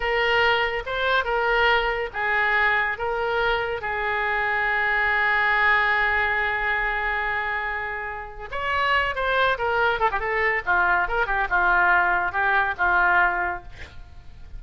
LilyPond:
\new Staff \with { instrumentName = "oboe" } { \time 4/4 \tempo 4 = 141 ais'2 c''4 ais'4~ | ais'4 gis'2 ais'4~ | ais'4 gis'2.~ | gis'1~ |
gis'1 | cis''4. c''4 ais'4 a'16 g'16 | a'4 f'4 ais'8 g'8 f'4~ | f'4 g'4 f'2 | }